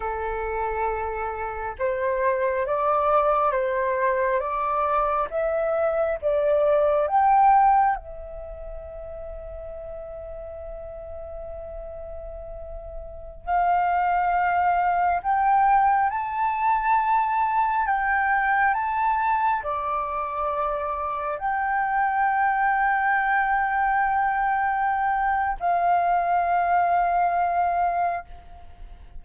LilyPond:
\new Staff \with { instrumentName = "flute" } { \time 4/4 \tempo 4 = 68 a'2 c''4 d''4 | c''4 d''4 e''4 d''4 | g''4 e''2.~ | e''2.~ e''16 f''8.~ |
f''4~ f''16 g''4 a''4.~ a''16~ | a''16 g''4 a''4 d''4.~ d''16~ | d''16 g''2.~ g''8.~ | g''4 f''2. | }